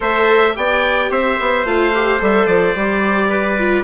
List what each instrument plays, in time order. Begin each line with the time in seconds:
0.00 bassoon A3, viola A4, trumpet C5, oboe E5
0.54 bassoon B3, viola G4, trumpet D5, oboe G5
1.10 bassoon C4, trumpet C5, oboe E5
1.39 bassoon B3
1.64 bassoon A3, viola F4, oboe F5
1.94 viola G4
2.19 bassoon G3, viola A4, oboe E5
2.46 bassoon F3, oboe D5
2.74 bassoon G3, viola G4
3.29 trumpet B4
3.58 viola F4